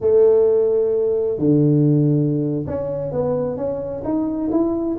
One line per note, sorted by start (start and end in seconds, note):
0.00 1.38 A3
1.38 2.65 D3
2.66 3.11 C#4
3.11 3.56 B3
3.56 4.02 C#4
4.04 4.50 D#4
4.51 4.97 E4